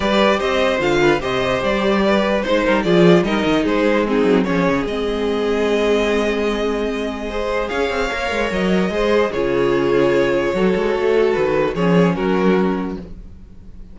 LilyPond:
<<
  \new Staff \with { instrumentName = "violin" } { \time 4/4 \tempo 4 = 148 d''4 dis''4 f''4 dis''4 | d''2 c''4 d''4 | dis''4 c''4 gis'4 cis''4 | dis''1~ |
dis''2. f''4~ | f''4 dis''2 cis''4~ | cis''1 | b'4 cis''4 ais'2 | }
  \new Staff \with { instrumentName = "violin" } { \time 4/4 b'4 c''4. b'8 c''4~ | c''4 b'4 c''8 ais'8 gis'4 | ais'4 gis'4 dis'4 gis'4~ | gis'1~ |
gis'2 c''4 cis''4~ | cis''2 c''4 gis'4~ | gis'2 a'2~ | a'4 gis'4 fis'2 | }
  \new Staff \with { instrumentName = "viola" } { \time 4/4 g'2 f'4 g'4~ | g'2 dis'4 f'4 | dis'2 c'4 cis'4 | c'1~ |
c'2 gis'2 | ais'2 gis'4 f'4~ | f'2 fis'2~ | fis'4 cis'2. | }
  \new Staff \with { instrumentName = "cello" } { \time 4/4 g4 c'4 d4 c4 | g2 gis8 g8 f4 | g8 dis8 gis4. fis8 f8 cis8 | gis1~ |
gis2. cis'8 c'8 | ais8 gis8 fis4 gis4 cis4~ | cis2 fis8 gis8 a4 | dis4 f4 fis2 | }
>>